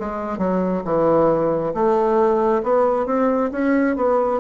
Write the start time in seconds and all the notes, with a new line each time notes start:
0.00 G#3
0.39 F#3
0.85 E3
1.74 A3
2.64 B3
3.06 C4
3.52 C#4
3.97 B3